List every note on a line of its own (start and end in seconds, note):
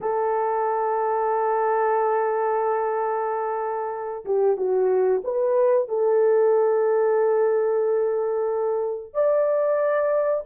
0.01 4.25 A4
4.25 4.57 G4
4.57 5.22 F#4
5.24 5.88 B4
5.88 9.13 A4
9.13 10.43 D5